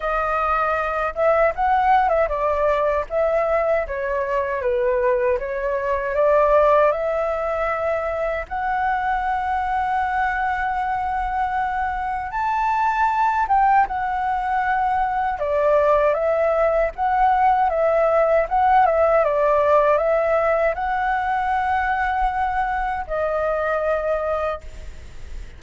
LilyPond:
\new Staff \with { instrumentName = "flute" } { \time 4/4 \tempo 4 = 78 dis''4. e''8 fis''8. e''16 d''4 | e''4 cis''4 b'4 cis''4 | d''4 e''2 fis''4~ | fis''1 |
a''4. g''8 fis''2 | d''4 e''4 fis''4 e''4 | fis''8 e''8 d''4 e''4 fis''4~ | fis''2 dis''2 | }